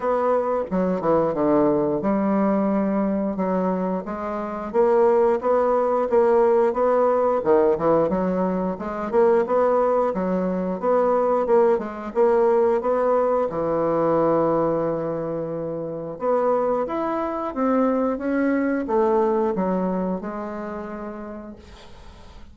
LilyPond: \new Staff \with { instrumentName = "bassoon" } { \time 4/4 \tempo 4 = 89 b4 fis8 e8 d4 g4~ | g4 fis4 gis4 ais4 | b4 ais4 b4 dis8 e8 | fis4 gis8 ais8 b4 fis4 |
b4 ais8 gis8 ais4 b4 | e1 | b4 e'4 c'4 cis'4 | a4 fis4 gis2 | }